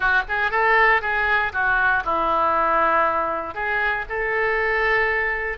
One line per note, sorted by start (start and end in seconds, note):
0.00 0.22 F#4
0.28 0.50 G#4
0.50 1.01 A4
1.01 1.52 G#4
1.53 2.03 F#4
2.04 3.54 E4
3.54 4.05 G#4
4.09 5.58 A4